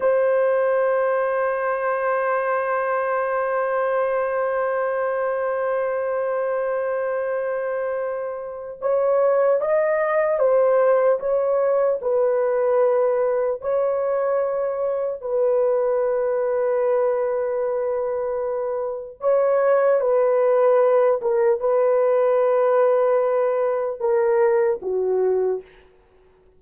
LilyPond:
\new Staff \with { instrumentName = "horn" } { \time 4/4 \tempo 4 = 75 c''1~ | c''1~ | c''2. cis''4 | dis''4 c''4 cis''4 b'4~ |
b'4 cis''2 b'4~ | b'1 | cis''4 b'4. ais'8 b'4~ | b'2 ais'4 fis'4 | }